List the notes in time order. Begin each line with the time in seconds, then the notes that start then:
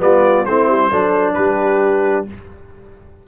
0.00 G3 B3 F4 D5
0.46 A3 C4 E4 C5
0.68 G3
0.91 F#3 D4 A4
1.34 G3 G4 B4